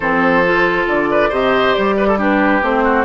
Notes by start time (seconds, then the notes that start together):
0.00 F3 C4 A4 C5
0.44 F4
0.86 D3 D5
1.10 B4
1.29 C3 G4 C5 D#5
1.74 G3 D5
1.97 B4
2.08 A4
2.17 D4 G4 B4
2.62 A3 C4 C5
2.84 F#4